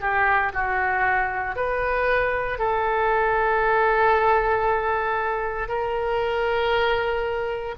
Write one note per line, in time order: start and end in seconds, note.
0.00 0.52 G4
0.53 1.55 F#4
1.55 2.58 B4
2.58 5.68 A4
5.68 7.74 A#4